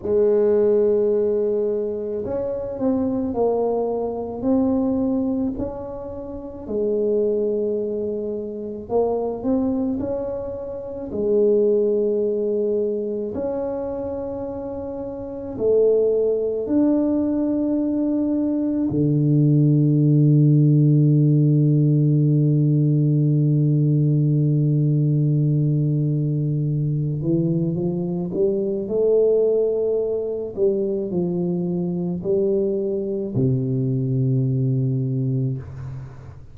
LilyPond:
\new Staff \with { instrumentName = "tuba" } { \time 4/4 \tempo 4 = 54 gis2 cis'8 c'8 ais4 | c'4 cis'4 gis2 | ais8 c'8 cis'4 gis2 | cis'2 a4 d'4~ |
d'4 d2.~ | d1~ | d8 e8 f8 g8 a4. g8 | f4 g4 c2 | }